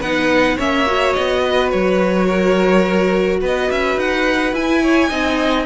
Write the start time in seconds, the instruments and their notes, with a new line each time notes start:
0.00 cello B3, viola D#4, violin B4 F#5
0.56 cello A#3, viola C#4, violin C#5 E5
0.87 viola F#4
1.13 cello B3, violin D#5
1.44 violin B4
1.70 cello F#3, violin C#5
2.26 violin A#4
3.40 cello B3, violin B4 D#5
3.71 cello C#4, violin E5
3.96 cello D#4, violin F#5
4.53 cello E4, viola E4, violin G#5
4.83 violin C#5
5.09 cello C4, viola D#4, violin D#5